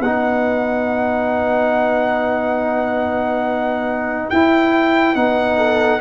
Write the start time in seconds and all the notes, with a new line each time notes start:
0.00 B3 D#4 B4 F#5
4.30 E4 G5
5.15 B3 D#4 F#5
5.57 A4